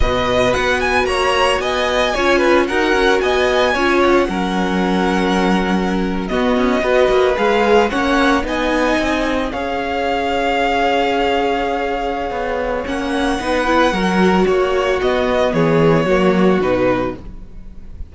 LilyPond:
<<
  \new Staff \with { instrumentName = "violin" } { \time 4/4 \tempo 4 = 112 dis''4 fis''8 gis''8 ais''4 gis''4~ | gis''4 fis''4 gis''4. fis''8~ | fis''2.~ fis''8. dis''16~ | dis''4.~ dis''16 f''4 fis''4 gis''16~ |
gis''4.~ gis''16 f''2~ f''16~ | f''1 | fis''2. cis''4 | dis''4 cis''2 b'4 | }
  \new Staff \with { instrumentName = "violin" } { \time 4/4 b'2 cis''4 dis''4 | cis''8 b'8 ais'4 dis''4 cis''4 | ais'2.~ ais'8. fis'16~ | fis'8. b'2 cis''4 dis''16~ |
dis''4.~ dis''16 cis''2~ cis''16~ | cis''1~ | cis''4 b'4 ais'4 fis'4~ | fis'4 gis'4 fis'2 | }
  \new Staff \with { instrumentName = "viola" } { \time 4/4 fis'1 | f'4 fis'2 f'4 | cis'2.~ cis'8. b16~ | b8. fis'4 gis'4 cis'4 dis'16~ |
dis'4.~ dis'16 gis'2~ gis'16~ | gis'1 | cis'4 dis'8 e'8 fis'2 | b2 ais4 dis'4 | }
  \new Staff \with { instrumentName = "cello" } { \time 4/4 b,4 b4 ais4 b4 | cis'4 dis'8 cis'8 b4 cis'4 | fis2.~ fis8. b16~ | b16 cis'8 b8 ais8 gis4 ais4 b16~ |
b8. c'4 cis'2~ cis'16~ | cis'2. b4 | ais4 b4 fis4 ais4 | b4 e4 fis4 b,4 | }
>>